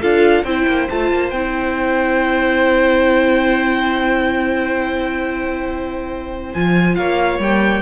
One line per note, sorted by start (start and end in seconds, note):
0.00 0.43 D4
0.00 0.45 F4
0.00 0.43 A4
0.00 0.44 F5
0.43 0.65 C4
0.43 0.90 E4
0.43 6.97 C5
0.43 0.87 G5
0.67 0.88 A#3
0.89 1.12 A3
0.89 1.34 F4
0.89 1.30 A5
1.12 1.32 A#3
1.30 6.54 C4
1.30 6.55 E4
1.30 6.52 G5
6.53 6.97 F3
6.53 7.41 F4
6.53 6.95 G#5
6.95 7.38 A#3
6.95 7.82 C#5
6.95 7.38 F5
7.38 7.82 G3
7.38 7.82 A#3
7.38 7.82 G5